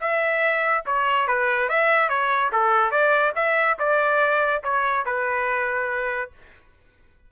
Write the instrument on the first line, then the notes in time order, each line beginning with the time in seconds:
trumpet
0.00 E5
0.85 C#5
1.27 B4
1.69 E5
2.09 C#5
2.52 A4
2.90 D5
3.35 E5
3.79 D5
4.63 C#5
5.05 B4